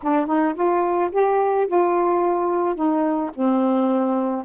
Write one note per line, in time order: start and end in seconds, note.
0.03 0.26 D4
0.26 0.54 D#4
0.55 1.10 F4
1.11 1.67 G4
1.67 2.75 F4
2.75 3.31 D#4
3.34 4.44 C4